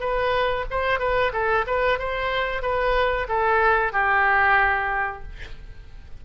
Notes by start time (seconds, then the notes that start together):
0.00 B4
0.70 C5
0.99 B4
1.33 A4
1.67 B4
1.99 C5
2.62 B4
3.28 A4
3.92 G4